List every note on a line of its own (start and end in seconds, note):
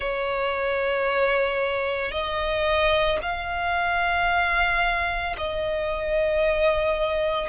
0.00 2.11 C#5
2.11 3.19 D#5
3.21 5.36 F5
5.37 7.49 D#5